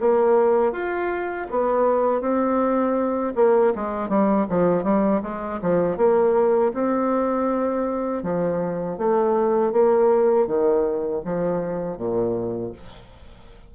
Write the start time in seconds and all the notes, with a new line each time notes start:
0.00 A#3
0.72 F4
1.51 B3
2.21 C4
3.35 A#3
3.75 G#3
4.09 G3
4.49 F3
4.83 G3
5.22 G#3
5.62 F3
5.97 A#3
6.74 C4
8.23 F3
8.98 A3
9.72 A#3
10.47 D#3
11.24 F3
11.97 A#2